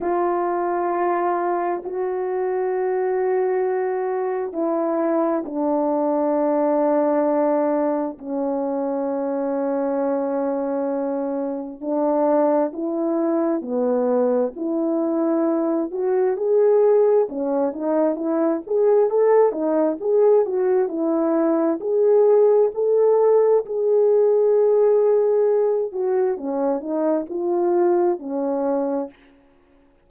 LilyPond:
\new Staff \with { instrumentName = "horn" } { \time 4/4 \tempo 4 = 66 f'2 fis'2~ | fis'4 e'4 d'2~ | d'4 cis'2.~ | cis'4 d'4 e'4 b4 |
e'4. fis'8 gis'4 cis'8 dis'8 | e'8 gis'8 a'8 dis'8 gis'8 fis'8 e'4 | gis'4 a'4 gis'2~ | gis'8 fis'8 cis'8 dis'8 f'4 cis'4 | }